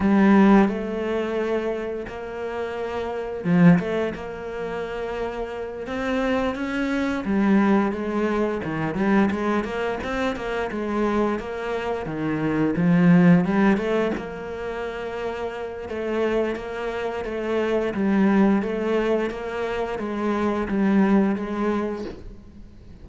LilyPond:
\new Staff \with { instrumentName = "cello" } { \time 4/4 \tempo 4 = 87 g4 a2 ais4~ | ais4 f8 a8 ais2~ | ais8 c'4 cis'4 g4 gis8~ | gis8 dis8 g8 gis8 ais8 c'8 ais8 gis8~ |
gis8 ais4 dis4 f4 g8 | a8 ais2~ ais8 a4 | ais4 a4 g4 a4 | ais4 gis4 g4 gis4 | }